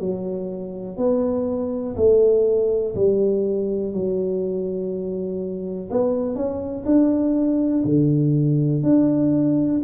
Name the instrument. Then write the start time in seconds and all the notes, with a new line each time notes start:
tuba
0.00 F#3
0.97 B3
1.96 A3
2.95 G3
3.93 F#3
5.91 B3
6.35 C#4
6.85 D4
7.85 D3
8.83 D4